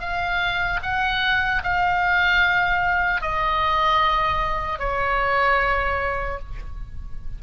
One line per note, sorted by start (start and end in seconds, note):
0.00 0.80 F5
0.83 1.63 F#5
1.64 3.22 F5
3.22 4.80 D#5
4.80 6.40 C#5